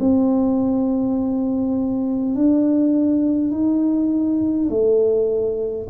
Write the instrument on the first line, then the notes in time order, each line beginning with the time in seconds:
tuba
0.00 C4
2.36 D4
3.52 D#4
4.70 A3